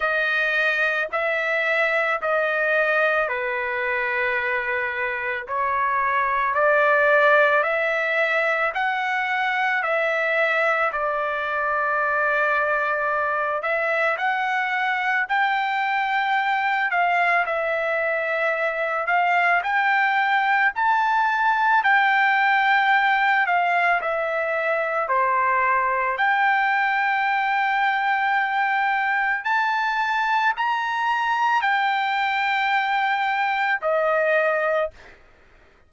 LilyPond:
\new Staff \with { instrumentName = "trumpet" } { \time 4/4 \tempo 4 = 55 dis''4 e''4 dis''4 b'4~ | b'4 cis''4 d''4 e''4 | fis''4 e''4 d''2~ | d''8 e''8 fis''4 g''4. f''8 |
e''4. f''8 g''4 a''4 | g''4. f''8 e''4 c''4 | g''2. a''4 | ais''4 g''2 dis''4 | }